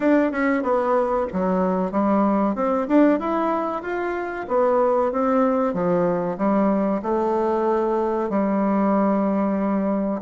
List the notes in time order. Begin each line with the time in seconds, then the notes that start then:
0.00 D4
0.31 C#4
0.62 B3
1.32 F#3
1.91 G3
2.55 C4
2.88 D4
3.19 E4
3.82 F4
4.48 B3
5.12 C4
5.73 F3
6.37 G3
7.02 A3
8.29 G3